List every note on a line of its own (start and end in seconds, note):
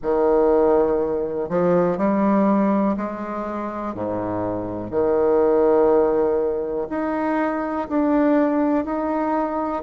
0.02 1.49 D#3
1.49 1.97 F3
1.97 2.96 G3
2.96 3.94 G#3
3.94 4.90 G#2
4.90 6.87 D#3
6.89 7.87 D#4
7.89 8.84 D4
8.84 9.83 D#4